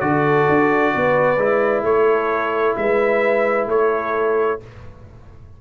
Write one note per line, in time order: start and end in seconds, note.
0.00 0.48 D3
0.00 1.38 F#4
0.00 0.93 A4
0.00 1.83 D5
0.49 0.95 D4
0.93 1.38 B3
0.93 1.85 B4
1.38 1.82 G#3
1.38 4.60 E4
1.82 2.74 A3
1.82 2.77 A4
1.82 2.76 C#5
2.77 3.67 G#3
2.77 3.69 B4
2.77 3.68 E5
3.67 4.58 A3
3.67 4.61 A4
3.67 4.61 C#5